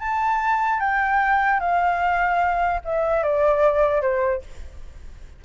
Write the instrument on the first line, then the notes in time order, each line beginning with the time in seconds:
flute
0.00 A5
0.80 G5
1.60 F5
2.85 E5
3.23 D5
4.02 C5